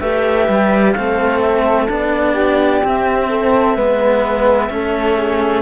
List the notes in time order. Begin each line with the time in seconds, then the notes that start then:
0.00 A3 G4 B4 E5
0.48 G3
0.92 A3 C4 A4 F5
1.40 E5
1.88 B3 D4 D5
2.34 G4
2.83 C4 E5
3.29 A4
3.76 G#3 B3 B4
4.70 A3 C#4 A4
5.17 G#4